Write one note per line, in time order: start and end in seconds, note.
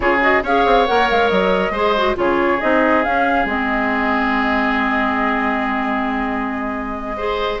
0.00 0.42 C#3
0.00 0.19 F4
0.00 0.43 G#4
0.00 0.21 C#5
0.20 0.42 F#4
0.20 0.44 D#5
0.42 0.64 C#4
0.42 0.87 G#4
0.42 1.72 C#5
0.42 0.87 F5
0.65 0.87 C4
0.87 1.10 A#3
0.87 1.74 A#4
0.87 1.08 F#5
1.10 1.30 G#3
1.10 1.28 F5
1.28 1.70 F#3
1.28 2.15 D#5
1.70 2.14 G#3
1.70 1.96 G#4
1.70 2.15 C5
1.97 2.15 F#4
2.15 2.61 C#3
2.15 2.58 F4
2.15 7.16 G#4
2.15 2.60 C#5
2.60 3.05 C4
2.60 3.04 D#4
2.60 3.03 D#5
3.03 3.46 C#4
3.03 3.45 C#4
3.03 3.47 F5
3.45 7.58 G#3
3.45 7.15 C4
3.45 7.60 D#5
7.16 7.60 G#4
7.16 7.60 C5